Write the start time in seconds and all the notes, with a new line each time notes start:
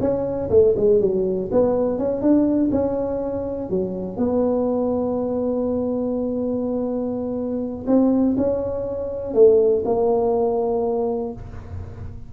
0.00 C#4
0.50 A3
0.76 G#3
1.01 F#3
1.51 B3
1.98 C#4
2.21 D4
2.71 C#4
3.70 F#3
4.16 B3
7.87 C4
8.37 C#4
9.34 A3
9.85 A#3